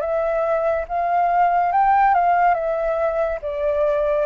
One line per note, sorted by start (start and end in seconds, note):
0.00 0.85 E5
0.88 1.72 F5
1.72 2.14 G5
2.14 2.54 F5
2.54 3.38 E5
3.41 4.25 D5